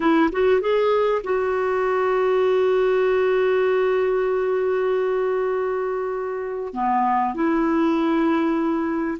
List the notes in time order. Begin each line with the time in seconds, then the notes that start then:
0.00 E4
0.32 F#4
0.60 G#4
1.23 F#4
6.73 B3
7.34 E4